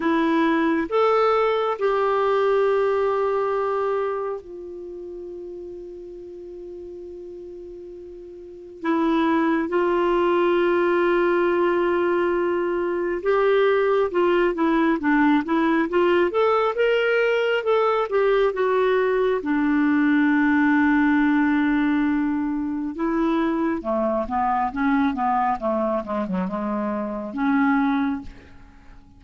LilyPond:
\new Staff \with { instrumentName = "clarinet" } { \time 4/4 \tempo 4 = 68 e'4 a'4 g'2~ | g'4 f'2.~ | f'2 e'4 f'4~ | f'2. g'4 |
f'8 e'8 d'8 e'8 f'8 a'8 ais'4 | a'8 g'8 fis'4 d'2~ | d'2 e'4 a8 b8 | cis'8 b8 a8 gis16 fis16 gis4 cis'4 | }